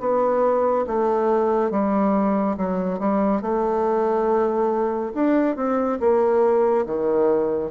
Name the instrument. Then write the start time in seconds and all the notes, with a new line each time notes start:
bassoon
0.00 B3
0.87 A3
1.71 G3
2.57 F#3
2.99 G3
3.42 A3
5.14 D4
5.56 C4
6.00 A#3
6.86 D#3